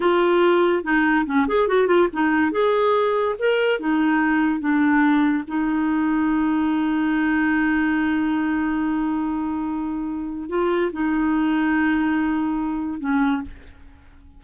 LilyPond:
\new Staff \with { instrumentName = "clarinet" } { \time 4/4 \tempo 4 = 143 f'2 dis'4 cis'8 gis'8 | fis'8 f'8 dis'4 gis'2 | ais'4 dis'2 d'4~ | d'4 dis'2.~ |
dis'1~ | dis'1~ | dis'4 f'4 dis'2~ | dis'2. cis'4 | }